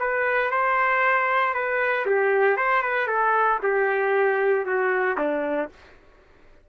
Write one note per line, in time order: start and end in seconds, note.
0.00 0.51 B4
0.51 1.54 C5
1.54 2.06 B4
2.06 2.57 G4
2.57 2.83 C5
2.83 3.08 B4
3.08 3.59 A4
3.63 4.66 G4
4.66 5.17 F#4
5.18 5.69 D4